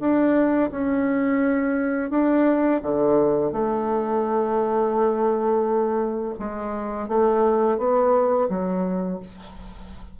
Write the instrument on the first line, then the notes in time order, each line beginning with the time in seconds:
bassoon
0.00 D4
0.71 C#4
2.11 D4
2.83 D3
3.52 A3
6.39 G#3
7.09 A3
7.78 B3
8.49 F#3